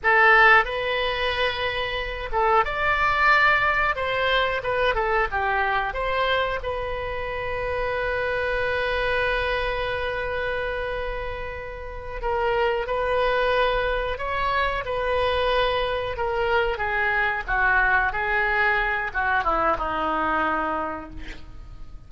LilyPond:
\new Staff \with { instrumentName = "oboe" } { \time 4/4 \tempo 4 = 91 a'4 b'2~ b'8 a'8 | d''2 c''4 b'8 a'8 | g'4 c''4 b'2~ | b'1~ |
b'2~ b'8 ais'4 b'8~ | b'4. cis''4 b'4.~ | b'8 ais'4 gis'4 fis'4 gis'8~ | gis'4 fis'8 e'8 dis'2 | }